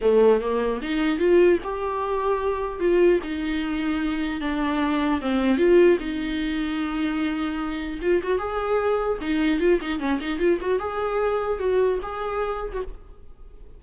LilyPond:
\new Staff \with { instrumentName = "viola" } { \time 4/4 \tempo 4 = 150 a4 ais4 dis'4 f'4 | g'2. f'4 | dis'2. d'4~ | d'4 c'4 f'4 dis'4~ |
dis'1 | f'8 fis'8 gis'2 dis'4 | f'8 dis'8 cis'8 dis'8 f'8 fis'8 gis'4~ | gis'4 fis'4 gis'4.~ gis'16 fis'16 | }